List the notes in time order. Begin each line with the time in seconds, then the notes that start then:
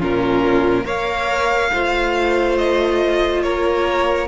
0.00 A#2 C#4 F4 A#4
0.85 A#3 A#4 C#5 F5
1.73 A3 F4 C5
2.58 D#5
3.43 A#3 A#4 C#5